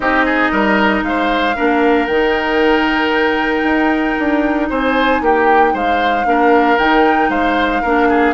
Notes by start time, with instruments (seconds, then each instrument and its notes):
0.00 bassoon C4, clarinet D#4, oboe G4, flute D#5
0.25 oboe G#4
0.51 bassoon G3, oboe A#4
1.02 bassoon G#3, oboe C5, flute F5
1.55 bassoon A#3, clarinet D4, oboe A#4
2.06 bassoon D#3, clarinet D#4, flute G5
3.63 bassoon D#4
4.19 bassoon D4
4.69 bassoon C4, oboe C5, flute G#5
5.21 bassoon A#3, oboe G4, flute G5
5.73 bassoon G#3, oboe C5, flute F5
6.25 bassoon A#3, clarinet D4, oboe A#4
6.78 bassoon D#3, clarinet D#4, flute G5
7.29 bassoon G#3, oboe C5, flute F5
7.81 bassoon A#3, clarinet D4, oboe A#4
8.08 oboe G#4